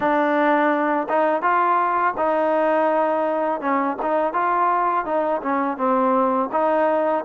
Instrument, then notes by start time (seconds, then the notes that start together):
trombone
0.00 D4
1.08 D#4
1.41 F4
2.17 D#4
3.60 C#4
4.02 D#4
4.33 F4
5.05 D#4
5.42 C#4
5.77 C4
6.52 D#4